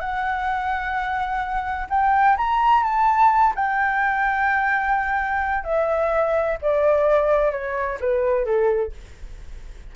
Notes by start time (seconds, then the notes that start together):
0.00 F#5
1.90 G5
2.38 A#5
2.83 A5
3.55 G5
5.64 E5
6.62 D5
7.52 C#5
8.00 B4
8.45 A4